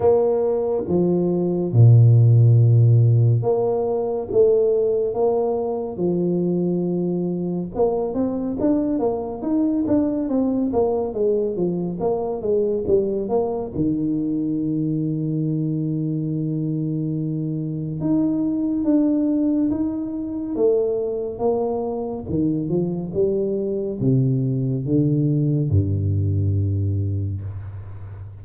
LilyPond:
\new Staff \with { instrumentName = "tuba" } { \time 4/4 \tempo 4 = 70 ais4 f4 ais,2 | ais4 a4 ais4 f4~ | f4 ais8 c'8 d'8 ais8 dis'8 d'8 | c'8 ais8 gis8 f8 ais8 gis8 g8 ais8 |
dis1~ | dis4 dis'4 d'4 dis'4 | a4 ais4 dis8 f8 g4 | c4 d4 g,2 | }